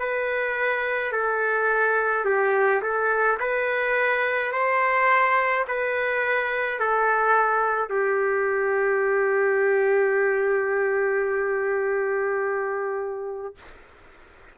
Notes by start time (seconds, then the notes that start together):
0.00 B4
1.13 A4
2.25 G4
2.83 A4
3.40 B4
4.53 C5
5.68 B4
6.80 A4
7.90 G4